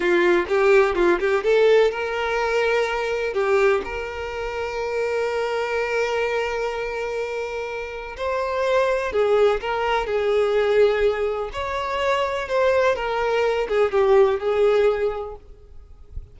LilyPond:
\new Staff \with { instrumentName = "violin" } { \time 4/4 \tempo 4 = 125 f'4 g'4 f'8 g'8 a'4 | ais'2. g'4 | ais'1~ | ais'1~ |
ais'4 c''2 gis'4 | ais'4 gis'2. | cis''2 c''4 ais'4~ | ais'8 gis'8 g'4 gis'2 | }